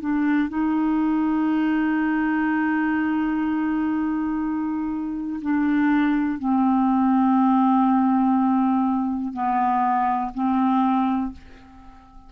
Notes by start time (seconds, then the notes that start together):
0.00 D4
0.48 D#4
5.41 D4
6.38 C4
9.33 B3
10.34 C4